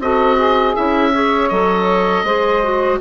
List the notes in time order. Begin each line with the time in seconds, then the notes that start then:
0.00 C4 F#4 A4 D#5
0.37 G#4
0.75 C#4 E4 E5
1.12 G#4 C#5
1.49 F#3 A4 D#5
2.24 G#3 G#4 C5
2.64 F#4